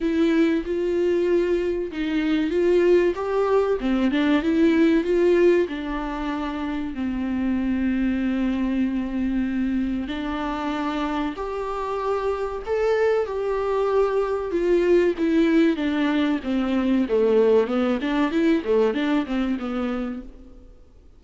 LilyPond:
\new Staff \with { instrumentName = "viola" } { \time 4/4 \tempo 4 = 95 e'4 f'2 dis'4 | f'4 g'4 c'8 d'8 e'4 | f'4 d'2 c'4~ | c'1 |
d'2 g'2 | a'4 g'2 f'4 | e'4 d'4 c'4 a4 | b8 d'8 e'8 a8 d'8 c'8 b4 | }